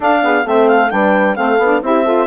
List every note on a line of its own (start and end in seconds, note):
0.00 0.44 D4
0.00 0.22 D4
0.00 0.21 A4
0.00 0.47 F5
0.22 0.45 B3
0.22 0.44 G#4
0.44 0.91 A3
0.44 0.90 C4
0.44 0.90 A4
0.44 0.67 E5
0.67 0.90 F5
0.90 1.37 G3
0.90 1.35 D4
0.90 1.37 B4
0.90 1.35 G5
1.35 1.58 A3
1.35 1.59 C4
1.35 1.83 A4
1.35 1.81 F5
1.58 1.81 B3
1.58 1.82 D4
1.81 2.27 C4
1.81 2.04 E4
1.81 2.04 G4
1.81 2.27 E5
2.04 2.27 F4
2.04 2.27 A4